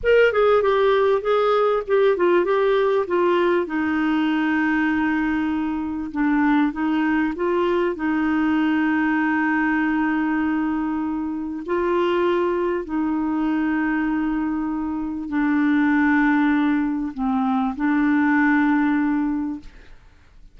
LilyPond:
\new Staff \with { instrumentName = "clarinet" } { \time 4/4 \tempo 4 = 98 ais'8 gis'8 g'4 gis'4 g'8 f'8 | g'4 f'4 dis'2~ | dis'2 d'4 dis'4 | f'4 dis'2.~ |
dis'2. f'4~ | f'4 dis'2.~ | dis'4 d'2. | c'4 d'2. | }